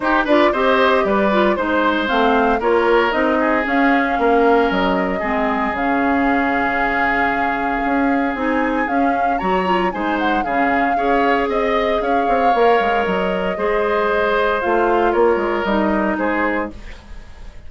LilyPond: <<
  \new Staff \with { instrumentName = "flute" } { \time 4/4 \tempo 4 = 115 c''8 d''8 dis''4 d''4 c''4 | f''4 cis''4 dis''4 f''4~ | f''4 dis''2 f''4~ | f''1 |
gis''4 f''4 ais''4 gis''8 fis''8 | f''2 dis''4 f''4~ | f''4 dis''2. | f''4 cis''4 dis''4 c''4 | }
  \new Staff \with { instrumentName = "oboe" } { \time 4/4 g'8 b'8 c''4 b'4 c''4~ | c''4 ais'4. gis'4. | ais'2 gis'2~ | gis'1~ |
gis'2 cis''4 c''4 | gis'4 cis''4 dis''4 cis''4~ | cis''2 c''2~ | c''4 ais'2 gis'4 | }
  \new Staff \with { instrumentName = "clarinet" } { \time 4/4 dis'8 f'8 g'4. f'8 dis'4 | c'4 f'4 dis'4 cis'4~ | cis'2 c'4 cis'4~ | cis'1 |
dis'4 cis'4 fis'8 f'8 dis'4 | cis'4 gis'2. | ais'2 gis'2 | f'2 dis'2 | }
  \new Staff \with { instrumentName = "bassoon" } { \time 4/4 dis'8 d'8 c'4 g4 gis4 | a4 ais4 c'4 cis'4 | ais4 fis4 gis4 cis4~ | cis2. cis'4 |
c'4 cis'4 fis4 gis4 | cis4 cis'4 c'4 cis'8 c'8 | ais8 gis8 fis4 gis2 | a4 ais8 gis8 g4 gis4 | }
>>